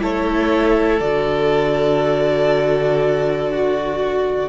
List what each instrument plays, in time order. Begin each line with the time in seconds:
0.00 cello A3, viola E4, violin A4 C#5
0.99 cello D3, viola F#4, violin D5
3.51 violin F#4